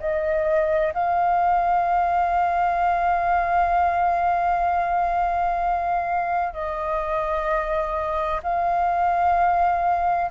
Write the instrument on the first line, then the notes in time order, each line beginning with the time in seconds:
flute
0.00 D#5
0.94 F5
6.54 D#5
8.43 F5